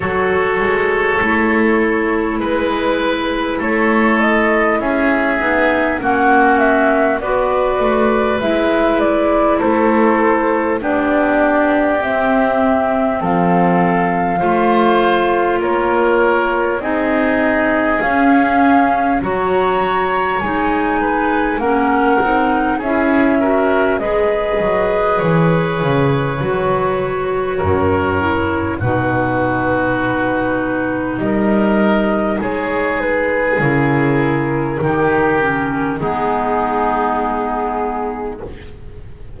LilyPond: <<
  \new Staff \with { instrumentName = "flute" } { \time 4/4 \tempo 4 = 50 cis''2 b'4 cis''8 dis''8 | e''4 fis''8 e''8 d''4 e''8 d''8 | c''4 d''4 e''4 f''4~ | f''4 cis''4 dis''4 f''4 |
ais''4 gis''4 fis''4 e''4 | dis''4 cis''2. | b'2 dis''4 cis''8 b'8 | ais'2 gis'2 | }
  \new Staff \with { instrumentName = "oboe" } { \time 4/4 a'2 b'4 a'4 | gis'4 fis'4 b'2 | a'4 g'2 a'4 | c''4 ais'4 gis'2 |
cis''4. b'8 ais'4 gis'8 ais'8 | b'2. ais'4 | fis'2 ais'4 gis'4~ | gis'4 g'4 dis'2 | }
  \new Staff \with { instrumentName = "clarinet" } { \time 4/4 fis'4 e'2.~ | e'8 dis'8 cis'4 fis'4 e'4~ | e'4 d'4 c'2 | f'2 dis'4 cis'4 |
fis'4 dis'4 cis'8 dis'8 e'8 fis'8 | gis'2 fis'4. e'8 | dis'1 | e'4 dis'8 cis'8 b2 | }
  \new Staff \with { instrumentName = "double bass" } { \time 4/4 fis8 gis8 a4 gis4 a4 | cis'8 b8 ais4 b8 a8 gis4 | a4 b4 c'4 f4 | a4 ais4 c'4 cis'4 |
fis4 gis4 ais8 c'8 cis'4 | gis8 fis8 e8 cis8 fis4 fis,4 | b,2 g4 gis4 | cis4 dis4 gis2 | }
>>